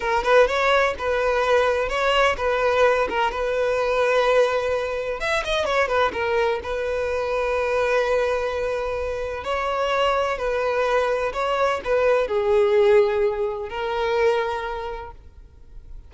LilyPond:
\new Staff \with { instrumentName = "violin" } { \time 4/4 \tempo 4 = 127 ais'8 b'8 cis''4 b'2 | cis''4 b'4. ais'8 b'4~ | b'2. e''8 dis''8 | cis''8 b'8 ais'4 b'2~ |
b'1 | cis''2 b'2 | cis''4 b'4 gis'2~ | gis'4 ais'2. | }